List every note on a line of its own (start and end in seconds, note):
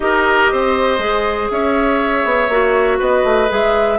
0.00 0.50 D#4
0.00 1.00 G4
0.00 0.51 A#4
0.00 1.49 D#5
0.51 0.98 C4
0.51 1.51 C5
0.98 1.48 G#3
0.98 2.50 G#4
1.50 2.24 C#4
1.50 2.98 C#5
1.50 3.00 E5
2.24 2.48 B3
2.48 2.98 A#3
2.48 3.48 F#4
2.98 3.23 B3
2.98 3.98 B4
2.98 3.50 D#5
3.23 3.48 A3
3.48 3.98 G#3
3.48 3.98 G#4
3.48 3.98 E5